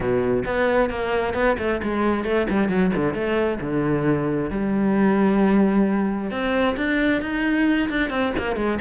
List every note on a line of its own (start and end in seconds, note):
0.00 0.44 B2
0.45 0.89 B3
0.89 1.34 A#3
1.34 1.56 B3
1.58 1.81 A3
1.82 2.24 G#3
2.24 2.47 A3
2.49 2.68 G3
2.68 2.91 F#3
2.95 3.14 D3
3.14 3.59 A3
3.60 4.50 D3
4.50 6.30 G3
6.30 6.75 C4
6.76 7.21 D4
7.21 7.89 D#4
7.89 8.10 D4
8.10 8.32 C4
8.38 8.55 A#3
8.55 8.78 G#3